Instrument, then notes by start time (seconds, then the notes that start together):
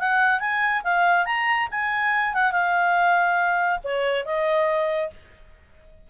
clarinet
0.00 F#5
0.40 G#5
0.84 F5
1.26 A#5
1.72 G#5
2.34 F#5
2.52 F5
3.84 C#5
4.26 D#5